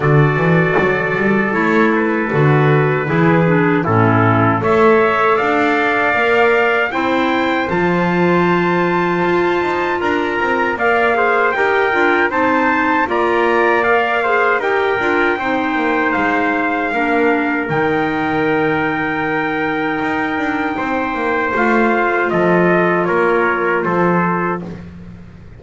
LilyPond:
<<
  \new Staff \with { instrumentName = "trumpet" } { \time 4/4 \tempo 4 = 78 d''2 cis''8 b'4.~ | b'4 a'4 e''4 f''4~ | f''4 g''4 a''2~ | a''4 ais''4 f''4 g''4 |
a''4 ais''4 f''4 g''4~ | g''4 f''2 g''4~ | g''1 | f''4 dis''4 cis''4 c''4 | }
  \new Staff \with { instrumentName = "trumpet" } { \time 4/4 a'1 | gis'4 e'4 cis''4 d''4~ | d''4 c''2.~ | c''4 ais'4 d''8 c''8 ais'4 |
c''4 d''4. c''8 ais'4 | c''2 ais'2~ | ais'2. c''4~ | c''4 a'4 ais'4 a'4 | }
  \new Staff \with { instrumentName = "clarinet" } { \time 4/4 fis'2 e'4 fis'4 | e'8 d'8 cis'4 a'2 | ais'4 e'4 f'2~ | f'2 ais'8 gis'8 g'8 f'8 |
dis'4 f'4 ais'8 gis'8 g'8 f'8 | dis'2 d'4 dis'4~ | dis'1 | f'1 | }
  \new Staff \with { instrumentName = "double bass" } { \time 4/4 d8 e8 fis8 g8 a4 d4 | e4 a,4 a4 d'4 | ais4 c'4 f2 | f'8 dis'8 d'8 c'8 ais4 dis'8 d'8 |
c'4 ais2 dis'8 d'8 | c'8 ais8 gis4 ais4 dis4~ | dis2 dis'8 d'8 c'8 ais8 | a4 f4 ais4 f4 | }
>>